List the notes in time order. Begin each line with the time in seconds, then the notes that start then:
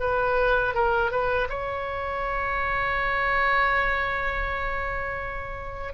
0.00 B4
0.74 A#4
1.11 B4
1.49 C#5